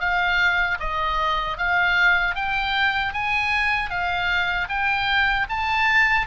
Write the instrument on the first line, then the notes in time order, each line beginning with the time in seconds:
oboe
0.00 F5
0.80 D#5
1.58 F5
2.35 G5
3.13 G#5
3.90 F5
4.69 G5
5.49 A5